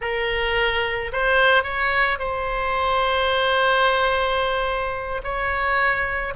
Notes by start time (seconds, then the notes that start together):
0.01 A#4
1.12 C5
1.63 C#5
2.18 C5
5.23 C#5